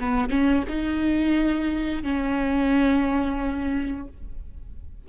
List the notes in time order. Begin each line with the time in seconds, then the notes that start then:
0.00 B3
0.30 C#4
0.69 D#4
2.03 C#4